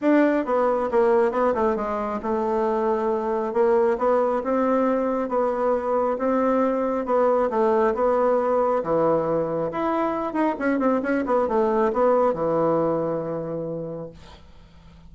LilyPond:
\new Staff \with { instrumentName = "bassoon" } { \time 4/4 \tempo 4 = 136 d'4 b4 ais4 b8 a8 | gis4 a2. | ais4 b4 c'2 | b2 c'2 |
b4 a4 b2 | e2 e'4. dis'8 | cis'8 c'8 cis'8 b8 a4 b4 | e1 | }